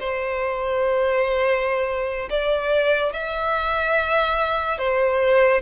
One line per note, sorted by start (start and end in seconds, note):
0.00 2.29 C5
2.30 3.13 D5
3.13 4.78 E5
4.78 5.62 C5